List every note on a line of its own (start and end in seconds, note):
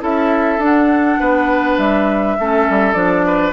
0.00 0.59 C#4
0.00 0.59 E4
0.00 1.20 A4
0.00 0.63 E5
0.59 1.17 D4
0.59 2.39 D4
0.59 1.79 F#5
1.20 1.78 B3
1.20 2.38 B4
1.78 2.37 G3
1.78 2.93 E5
2.39 2.69 A3
2.39 2.94 C#4
2.39 3.26 A4
2.70 2.94 G3
2.93 3.53 F3
2.93 3.53 D4
2.93 3.52 D5
3.26 3.54 B4